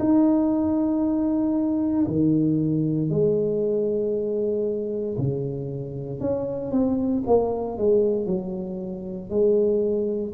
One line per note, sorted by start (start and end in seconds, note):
0.00 2.07 D#4
2.07 3.10 D#3
3.10 5.17 G#3
5.18 6.21 C#3
6.21 6.72 C#4
6.72 7.24 C4
7.27 7.78 A#3
7.78 8.27 G#3
8.27 9.30 F#3
9.30 10.34 G#3